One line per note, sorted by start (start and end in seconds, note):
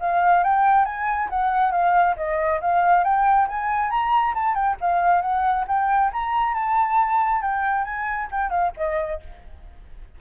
0.00 0.44 F5
0.44 0.85 G5
0.85 1.29 G#5
1.30 1.72 F#5
1.72 2.16 F5
2.17 2.60 D#5
2.61 3.04 F5
3.04 3.48 G5
3.48 3.90 G#5
3.90 4.34 A#5
4.35 4.55 A5
4.55 4.77 G5
4.81 5.22 F5
5.22 5.65 F#5
5.68 6.11 G5
6.13 6.54 A#5
6.54 7.42 A5
7.42 7.85 G5
7.85 8.28 G#5
8.31 8.50 G5
8.50 8.72 F5
8.77 9.20 D#5